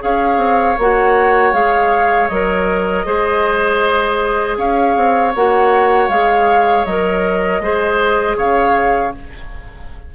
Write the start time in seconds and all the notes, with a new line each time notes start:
0.00 C#4 G#4 C#5 F5
0.37 C4
0.78 A#3 F#4 F#5
1.53 G#3 G#4 F5
2.28 F#3 A#4 D#5
3.06 G#3 G#4 C5
4.58 C#4 C#5 F5
4.97 C4
5.35 A#3 F#4 F#5
6.09 G#3 G#4 F5
6.85 F#3 A#4 D#5
7.60 G#3 G#4 C5
8.37 C#3 C#5 F5